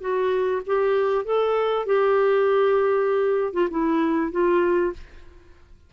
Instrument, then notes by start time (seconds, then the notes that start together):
clarinet
0.00 F#4
0.66 G4
1.25 A4
1.86 G4
3.53 F4
3.70 E4
4.32 F4